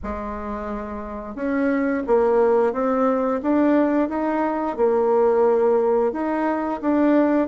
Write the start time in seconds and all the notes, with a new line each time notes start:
0.03 G#3
1.35 C#4
2.06 A#3
2.72 C4
3.42 D4
4.08 D#4
4.77 A#3
6.12 D#4
6.81 D4